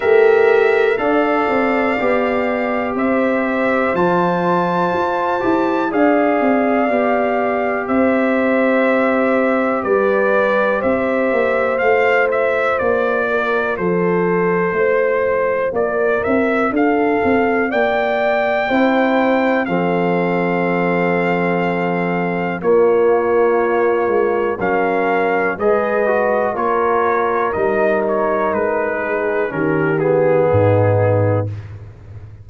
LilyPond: <<
  \new Staff \with { instrumentName = "trumpet" } { \time 4/4 \tempo 4 = 61 e''4 f''2 e''4 | a''2 f''2 | e''2 d''4 e''4 | f''8 e''8 d''4 c''2 |
d''8 e''8 f''4 g''2 | f''2. cis''4~ | cis''4 f''4 dis''4 cis''4 | dis''8 cis''8 b'4 ais'8 gis'4. | }
  \new Staff \with { instrumentName = "horn" } { \time 4/4 g'4 d''2 c''4~ | c''2 d''2 | c''2 b'4 c''4~ | c''4. ais'8 a'4 c''4 |
ais'4 a'4 d''4 c''4 | a'2. f'4~ | f'4 ais'4 b'4 ais'4~ | ais'4. gis'8 g'4 dis'4 | }
  \new Staff \with { instrumentName = "trombone" } { \time 4/4 ais'4 a'4 g'2 | f'4. g'8 gis'4 g'4~ | g'1 | f'1~ |
f'2. e'4 | c'2. ais4~ | ais4 cis'4 gis'8 fis'8 f'4 | dis'2 cis'8 b4. | }
  \new Staff \with { instrumentName = "tuba" } { \time 4/4 a4 d'8 c'8 b4 c'4 | f4 f'8 e'8 d'8 c'8 b4 | c'2 g4 c'8 ais8 | a4 ais4 f4 a4 |
ais8 c'8 d'8 c'8 ais4 c'4 | f2. ais4~ | ais8 gis8 fis4 gis4 ais4 | g4 gis4 dis4 gis,4 | }
>>